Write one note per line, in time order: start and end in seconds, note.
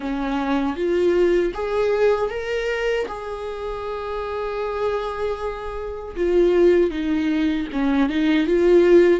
0.00 0.76 C#4
0.76 1.52 F4
1.54 2.29 G#4
2.29 3.06 A#4
3.07 6.15 G#4
6.16 6.90 F4
6.90 7.67 D#4
7.72 8.09 C#4
8.09 8.47 D#4
8.47 9.20 F4